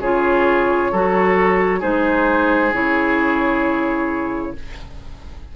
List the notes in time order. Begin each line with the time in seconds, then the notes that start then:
0.00 C#3 F4 G#4 C#5
0.92 F#3 F#4 A4
1.80 G#3 D#4 G#4 C5
2.73 C#3 E4 C#5